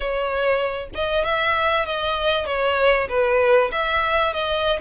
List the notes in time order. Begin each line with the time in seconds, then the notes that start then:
0.00 C#5
0.94 D#5
1.24 E5
1.85 D#5
2.46 C#5
3.08 B4
3.71 E5
4.33 D#5